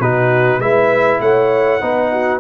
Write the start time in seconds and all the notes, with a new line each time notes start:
0.00 B2 D#4 F#4 B4
0.59 G#3 E4 B4 E5
1.21 A3 C#5 F#5
1.81 B3 D#4 B4
2.12 F#4